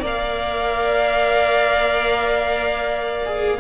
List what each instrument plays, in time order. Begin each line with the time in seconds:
0.00 cello A#3, viola A#4, violin D5
0.07 violin F5
3.25 viola G#4